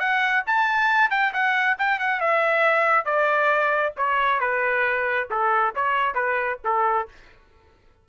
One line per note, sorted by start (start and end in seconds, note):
0.00 0.44 F#5
0.47 1.11 A5
1.11 1.33 G5
1.34 1.78 F#5
1.79 2.00 G5
2.00 2.21 F#5
2.21 3.06 E5
3.06 3.94 D5
3.97 4.41 C#5
4.41 5.29 B4
5.31 5.75 A4
5.76 6.15 C#5
6.15 6.59 B4
6.65 7.09 A4